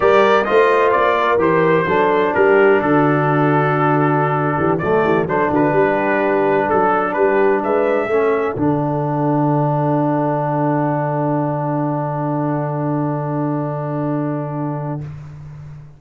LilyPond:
<<
  \new Staff \with { instrumentName = "trumpet" } { \time 4/4 \tempo 4 = 128 d''4 dis''4 d''4 c''4~ | c''4 ais'4 a'2~ | a'2~ a'16 d''4 c''8 b'16~ | b'2~ b'16 a'4 b'8.~ |
b'16 e''2 fis''4.~ fis''16~ | fis''1~ | fis''1~ | fis''1 | }
  \new Staff \with { instrumentName = "horn" } { \time 4/4 ais'4 c''4. ais'4. | a'4 g'4 fis'2~ | fis'4.~ fis'16 g'8 a'8 g'8 a'8 fis'16~ | fis'16 g'2 a'4 g'8.~ |
g'16 b'4 a'2~ a'8.~ | a'1~ | a'1~ | a'1 | }
  \new Staff \with { instrumentName = "trombone" } { \time 4/4 g'4 f'2 g'4 | d'1~ | d'2~ d'16 a4 d'8.~ | d'1~ |
d'4~ d'16 cis'4 d'4.~ d'16~ | d'1~ | d'1~ | d'1 | }
  \new Staff \with { instrumentName = "tuba" } { \time 4/4 g4 a4 ais4 e4 | fis4 g4 d2~ | d4.~ d16 e8 fis8 e8 fis8 d16~ | d16 g2 fis4 g8.~ |
g16 gis4 a4 d4.~ d16~ | d1~ | d1~ | d1 | }
>>